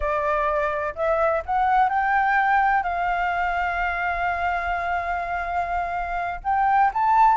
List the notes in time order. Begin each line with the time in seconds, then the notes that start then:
0.00 D5
0.95 E5
1.45 F#5
1.89 G5
2.83 F5
6.43 G5
6.93 A5